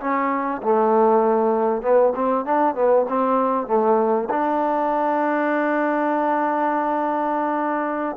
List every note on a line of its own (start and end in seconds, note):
0.00 0.62 C#4
0.63 1.82 A3
1.82 2.13 B3
2.15 2.45 C4
2.45 2.75 D4
2.75 3.06 B3
3.09 3.67 C4
3.67 4.29 A3
4.30 8.17 D4